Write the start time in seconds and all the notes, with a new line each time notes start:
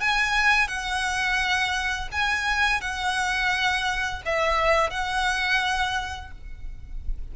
0.00 G#5
0.67 F#5
2.12 G#5
2.81 F#5
4.25 E5
4.90 F#5